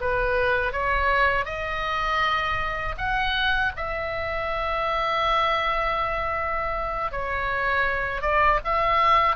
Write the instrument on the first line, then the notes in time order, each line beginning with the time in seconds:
oboe
0.00 B4
0.72 C#5
1.45 D#5
2.97 F#5
3.76 E5
7.11 C#5
8.22 D5
8.64 E5